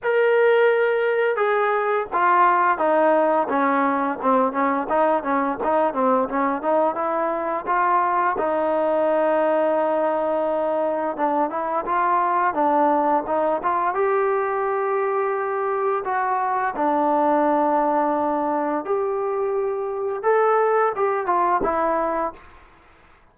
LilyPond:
\new Staff \with { instrumentName = "trombone" } { \time 4/4 \tempo 4 = 86 ais'2 gis'4 f'4 | dis'4 cis'4 c'8 cis'8 dis'8 cis'8 | dis'8 c'8 cis'8 dis'8 e'4 f'4 | dis'1 |
d'8 e'8 f'4 d'4 dis'8 f'8 | g'2. fis'4 | d'2. g'4~ | g'4 a'4 g'8 f'8 e'4 | }